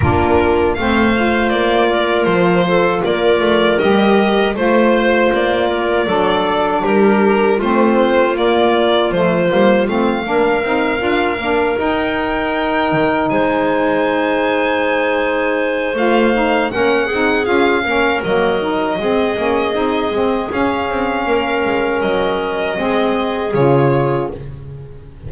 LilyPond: <<
  \new Staff \with { instrumentName = "violin" } { \time 4/4 \tempo 4 = 79 ais'4 f''4 d''4 c''4 | d''4 dis''4 c''4 d''4~ | d''4 ais'4 c''4 d''4 | c''4 f''2~ f''8 g''8~ |
g''4. gis''2~ gis''8~ | gis''4 f''4 fis''4 f''4 | dis''2. f''4~ | f''4 dis''2 cis''4 | }
  \new Staff \with { instrumentName = "clarinet" } { \time 4/4 f'4 c''4. ais'4 a'8 | ais'2 c''4. ais'8 | a'4 g'4 f'2~ | f'4. ais'2~ ais'8~ |
ais'4. c''2~ c''8~ | c''2 ais'8 gis'4 ais'8~ | ais'4 gis'2. | ais'2 gis'2 | }
  \new Staff \with { instrumentName = "saxophone" } { \time 4/4 d'4 c'8 f'2~ f'8~ | f'4 g'4 f'2 | d'2 c'4 ais4 | a8 ais8 c'8 d'8 dis'8 f'8 d'8 dis'8~ |
dis'1~ | dis'4 f'8 dis'8 cis'8 dis'8 f'8 cis'8 | ais8 dis'8 c'8 cis'8 dis'8 c'8 cis'4~ | cis'2 c'4 f'4 | }
  \new Staff \with { instrumentName = "double bass" } { \time 4/4 ais4 a4 ais4 f4 | ais8 a8 g4 a4 ais4 | fis4 g4 a4 ais4 | f8 g8 a8 ais8 c'8 d'8 ais8 dis'8~ |
dis'4 dis8 gis2~ gis8~ | gis4 a4 ais8 c'8 cis'8 ais8 | fis4 gis8 ais8 c'8 gis8 cis'8 c'8 | ais8 gis8 fis4 gis4 cis4 | }
>>